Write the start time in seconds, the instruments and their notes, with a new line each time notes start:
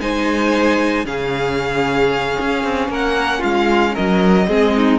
0.00 cello G#3, viola D#4, violin C5 G#5
1.05 cello C#3, viola C#4, violin G#4 F5
2.40 cello C#4
2.64 cello C4
2.89 cello A#3, violin A#4 F#5
3.39 cello G#3, violin F4 F5
3.94 cello F#3, violin A#4 D#5
4.48 cello G#3, viola C4, violin G#4
4.76 violin D#4